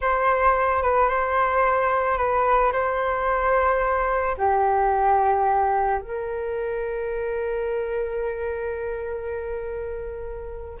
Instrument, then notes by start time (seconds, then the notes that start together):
flute
0.01 C5
0.82 B4
1.08 C5
2.17 B4
2.72 C5
4.37 G4
6.01 A#4